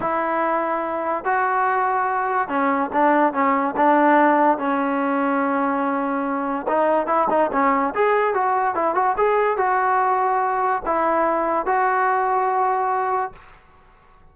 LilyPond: \new Staff \with { instrumentName = "trombone" } { \time 4/4 \tempo 4 = 144 e'2. fis'4~ | fis'2 cis'4 d'4 | cis'4 d'2 cis'4~ | cis'1 |
dis'4 e'8 dis'8 cis'4 gis'4 | fis'4 e'8 fis'8 gis'4 fis'4~ | fis'2 e'2 | fis'1 | }